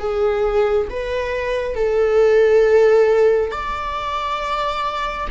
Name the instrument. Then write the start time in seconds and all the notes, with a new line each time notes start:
viola
0.00 G#4
0.90 B4
1.76 A4
3.52 D5